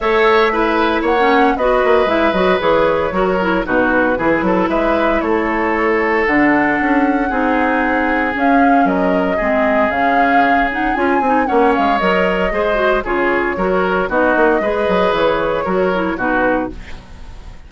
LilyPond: <<
  \new Staff \with { instrumentName = "flute" } { \time 4/4 \tempo 4 = 115 e''2 fis''4 dis''4 | e''8 dis''8 cis''2 b'4~ | b'4 e''4 cis''2 | fis''1 |
f''4 dis''2 f''4~ | f''8 fis''8 gis''4 fis''8 f''8 dis''4~ | dis''4 cis''2 dis''4~ | dis''4 cis''2 b'4 | }
  \new Staff \with { instrumentName = "oboe" } { \time 4/4 cis''4 b'4 cis''4 b'4~ | b'2 ais'4 fis'4 | gis'8 a'8 b'4 a'2~ | a'2 gis'2~ |
gis'4 ais'4 gis'2~ | gis'2 cis''2 | c''4 gis'4 ais'4 fis'4 | b'2 ais'4 fis'4 | }
  \new Staff \with { instrumentName = "clarinet" } { \time 4/4 a'4 e'4~ e'16 cis'8. fis'4 | e'8 fis'8 gis'4 fis'8 e'8 dis'4 | e'1 | d'2 dis'2 |
cis'2 c'4 cis'4~ | cis'8 dis'8 f'8 dis'8 cis'4 ais'4 | gis'8 fis'8 f'4 fis'4 dis'4 | gis'2 fis'8 e'8 dis'4 | }
  \new Staff \with { instrumentName = "bassoon" } { \time 4/4 a2 ais4 b8 ais8 | gis8 fis8 e4 fis4 b,4 | e8 fis8 gis4 a2 | d4 cis'4 c'2 |
cis'4 fis4 gis4 cis4~ | cis4 cis'8 c'8 ais8 gis8 fis4 | gis4 cis4 fis4 b8 ais8 | gis8 fis8 e4 fis4 b,4 | }
>>